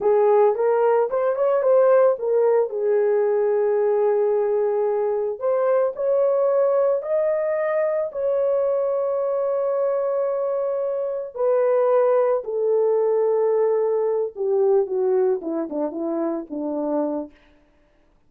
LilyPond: \new Staff \with { instrumentName = "horn" } { \time 4/4 \tempo 4 = 111 gis'4 ais'4 c''8 cis''8 c''4 | ais'4 gis'2.~ | gis'2 c''4 cis''4~ | cis''4 dis''2 cis''4~ |
cis''1~ | cis''4 b'2 a'4~ | a'2~ a'8 g'4 fis'8~ | fis'8 e'8 d'8 e'4 d'4. | }